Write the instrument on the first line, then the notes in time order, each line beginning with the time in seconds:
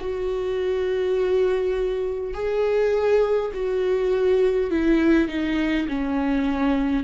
viola
0.00 F#4
2.34 G#4
3.54 F#4
4.71 E4
5.28 D#4
5.89 C#4